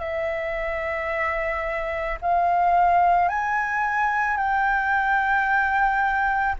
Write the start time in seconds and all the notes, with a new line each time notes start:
0.00 E5
2.22 F5
3.29 G#5
4.37 G5